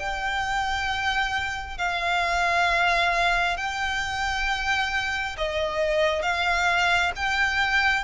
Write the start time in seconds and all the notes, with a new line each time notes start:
0.00 G5
1.78 F5
3.57 G5
5.38 D#5
6.23 F5
7.16 G5